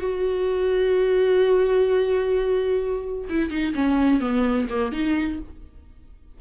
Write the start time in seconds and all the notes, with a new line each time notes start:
0.00 F#4
3.29 E4
3.50 D#4
3.74 C#4
4.21 B3
4.69 A#3
4.92 D#4